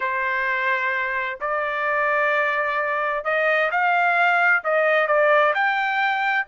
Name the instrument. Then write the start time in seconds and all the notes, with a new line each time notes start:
trumpet
0.00 C5
1.40 D5
3.24 D#5
3.71 F5
4.64 D#5
5.07 D5
5.54 G5